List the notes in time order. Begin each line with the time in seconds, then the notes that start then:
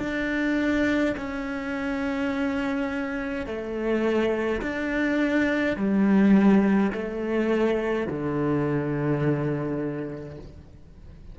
0.00 D4
1.17 C#4
3.46 A3
4.62 D4
5.77 G3
6.93 A3
8.08 D3